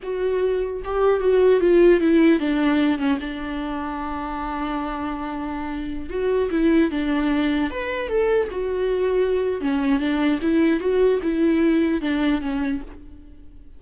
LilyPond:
\new Staff \with { instrumentName = "viola" } { \time 4/4 \tempo 4 = 150 fis'2 g'4 fis'4 | f'4 e'4 d'4. cis'8 | d'1~ | d'2.~ d'16 fis'8.~ |
fis'16 e'4 d'2 b'8.~ | b'16 a'4 fis'2~ fis'8. | cis'4 d'4 e'4 fis'4 | e'2 d'4 cis'4 | }